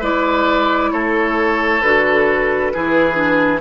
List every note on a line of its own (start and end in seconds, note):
0.00 0.91 G#3
0.00 1.81 E4
0.00 0.90 B4
0.00 0.92 D5
0.92 1.82 A3
0.92 2.72 A4
0.92 1.81 C#5
1.81 2.72 D3
1.81 2.74 F#4
1.81 3.60 B4
2.74 3.60 E3
2.74 3.14 E4
2.74 3.60 G#4
3.14 3.59 D4